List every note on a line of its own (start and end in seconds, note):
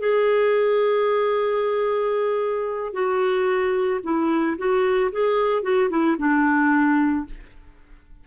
0.00 2.93 G#4
2.93 4.01 F#4
4.04 4.58 E4
4.58 5.12 F#4
5.12 5.63 G#4
5.63 5.90 F#4
5.90 6.17 E4
6.19 7.26 D4